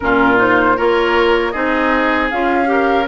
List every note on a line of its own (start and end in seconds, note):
0.00 0.79 A#2
0.00 0.37 C#4
0.00 0.76 F4
0.00 0.38 A#4
0.37 0.75 D#4
0.37 0.78 C5
0.76 1.54 A#3
0.76 1.53 F4
0.76 1.52 A#4
0.76 1.51 C#5
1.51 2.31 C4
1.51 2.30 D#4
1.51 2.67 G#4
1.51 2.28 D#5
2.30 3.08 C#4
2.30 2.65 F4
2.30 3.07 F5
2.65 3.04 G4
2.65 3.08 A#4